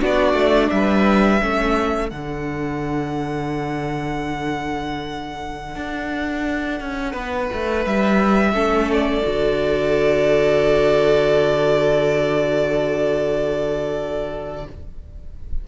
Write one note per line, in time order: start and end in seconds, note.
0.00 0.33 B3
0.00 1.40 D4
0.00 0.70 F#4
0.00 0.70 D5
0.33 0.68 A3
0.70 1.41 G3
0.70 1.42 B4
0.70 2.10 E5
1.41 2.11 A3
1.41 2.09 C#4
1.41 7.12 A4
2.09 5.75 D3
2.09 8.54 D4
2.09 7.85 F#5
5.75 6.80 D4
6.80 7.14 C#4
7.12 7.48 B3
7.12 8.51 B4
7.53 7.86 A3
7.86 8.52 G3
7.86 8.91 E5
8.52 9.22 A3
8.52 9.23 C#4
8.52 14.65 A4
8.92 14.68 D5
9.23 14.67 D3
9.23 14.64 F#4